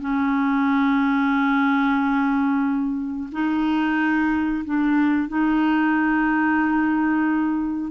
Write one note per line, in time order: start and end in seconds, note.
0.00 3.30 C#4
3.31 4.63 D#4
4.65 5.28 D4
5.28 7.91 D#4